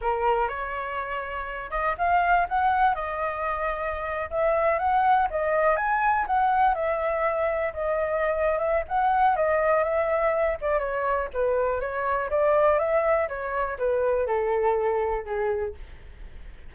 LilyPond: \new Staff \with { instrumentName = "flute" } { \time 4/4 \tempo 4 = 122 ais'4 cis''2~ cis''8 dis''8 | f''4 fis''4 dis''2~ | dis''8. e''4 fis''4 dis''4 gis''16~ | gis''8. fis''4 e''2 dis''16~ |
dis''4. e''8 fis''4 dis''4 | e''4. d''8 cis''4 b'4 | cis''4 d''4 e''4 cis''4 | b'4 a'2 gis'4 | }